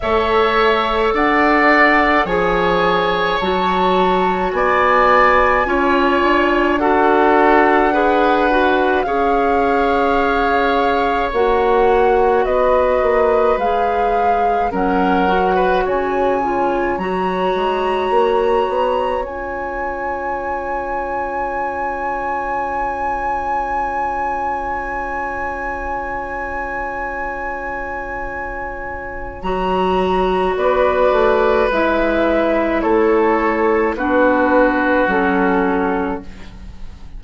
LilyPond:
<<
  \new Staff \with { instrumentName = "flute" } { \time 4/4 \tempo 4 = 53 e''4 fis''4 gis''4 a''4 | gis''2 fis''2 | f''2 fis''4 dis''4 | f''4 fis''4 gis''4 ais''4~ |
ais''4 gis''2.~ | gis''1~ | gis''2 ais''4 d''4 | e''4 cis''4 b'4 a'4 | }
  \new Staff \with { instrumentName = "oboe" } { \time 4/4 cis''4 d''4 cis''2 | d''4 cis''4 a'4 b'4 | cis''2. b'4~ | b'4 ais'8. b'16 cis''2~ |
cis''1~ | cis''1~ | cis''2. b'4~ | b'4 a'4 fis'2 | }
  \new Staff \with { instrumentName = "clarinet" } { \time 4/4 a'2 gis'4 fis'4~ | fis'4 f'4 fis'4 gis'8 fis'8 | gis'2 fis'2 | gis'4 cis'8 fis'4 f'8 fis'4~ |
fis'4 f'2.~ | f'1~ | f'2 fis'2 | e'2 d'4 cis'4 | }
  \new Staff \with { instrumentName = "bassoon" } { \time 4/4 a4 d'4 f4 fis4 | b4 cis'8 d'2~ d'8 | cis'2 ais4 b8 ais8 | gis4 fis4 cis4 fis8 gis8 |
ais8 b8 cis'2.~ | cis'1~ | cis'2 fis4 b8 a8 | gis4 a4 b4 fis4 | }
>>